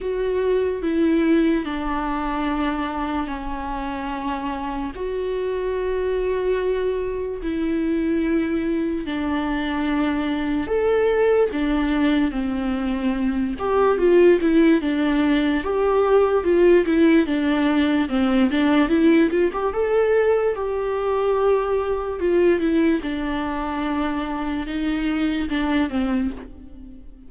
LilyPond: \new Staff \with { instrumentName = "viola" } { \time 4/4 \tempo 4 = 73 fis'4 e'4 d'2 | cis'2 fis'2~ | fis'4 e'2 d'4~ | d'4 a'4 d'4 c'4~ |
c'8 g'8 f'8 e'8 d'4 g'4 | f'8 e'8 d'4 c'8 d'8 e'8 f'16 g'16 | a'4 g'2 f'8 e'8 | d'2 dis'4 d'8 c'8 | }